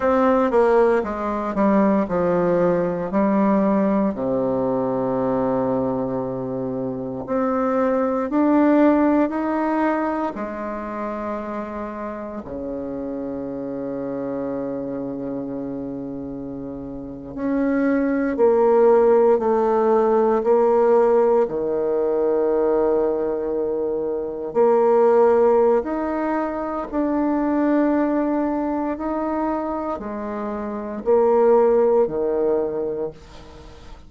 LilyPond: \new Staff \with { instrumentName = "bassoon" } { \time 4/4 \tempo 4 = 58 c'8 ais8 gis8 g8 f4 g4 | c2. c'4 | d'4 dis'4 gis2 | cis1~ |
cis8. cis'4 ais4 a4 ais16~ | ais8. dis2. ais16~ | ais4 dis'4 d'2 | dis'4 gis4 ais4 dis4 | }